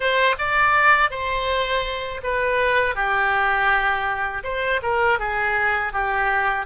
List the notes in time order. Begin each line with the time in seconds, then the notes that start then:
0.00 C5
0.38 D5
1.10 C5
2.23 B4
2.95 G4
4.43 C5
4.82 A#4
5.19 G#4
5.93 G4